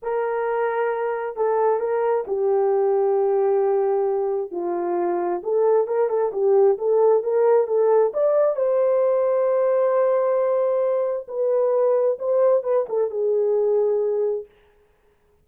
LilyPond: \new Staff \with { instrumentName = "horn" } { \time 4/4 \tempo 4 = 133 ais'2. a'4 | ais'4 g'2.~ | g'2 f'2 | a'4 ais'8 a'8 g'4 a'4 |
ais'4 a'4 d''4 c''4~ | c''1~ | c''4 b'2 c''4 | b'8 a'8 gis'2. | }